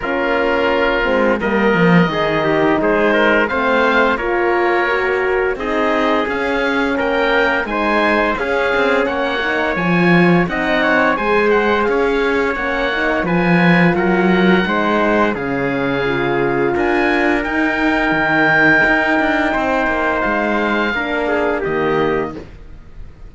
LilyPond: <<
  \new Staff \with { instrumentName = "oboe" } { \time 4/4 \tempo 4 = 86 ais'2 dis''2 | c''4 f''4 cis''2 | dis''4 f''4 g''4 gis''4 | f''4 fis''4 gis''4 fis''4 |
gis''8 fis''8 f''4 fis''4 gis''4 | fis''2 f''2 | gis''4 g''2.~ | g''4 f''2 dis''4 | }
  \new Staff \with { instrumentName = "trumpet" } { \time 4/4 f'2 ais'4 gis'8 g'8 | gis'8 ais'8 c''4 ais'2 | gis'2 ais'4 c''4 | gis'4 cis''2 dis''8 cis''8 |
c''4 cis''2 b'4 | ais'4 c''4 gis'2 | ais'1 | c''2 ais'8 gis'8 g'4 | }
  \new Staff \with { instrumentName = "horn" } { \time 4/4 cis'4. c'8 ais4 dis'4~ | dis'4 c'4 f'4 fis'4 | dis'4 cis'2 dis'4 | cis'4. dis'8 f'4 dis'4 |
gis'2 cis'8 dis'8 f'4~ | f'4 dis'4 cis'4 f'4~ | f'4 dis'2.~ | dis'2 d'4 ais4 | }
  \new Staff \with { instrumentName = "cello" } { \time 4/4 ais4. gis8 g8 f8 dis4 | gis4 a4 ais2 | c'4 cis'4 ais4 gis4 | cis'8 c'8 ais4 f4 c'4 |
gis4 cis'4 ais4 f4 | fis4 gis4 cis2 | d'4 dis'4 dis4 dis'8 d'8 | c'8 ais8 gis4 ais4 dis4 | }
>>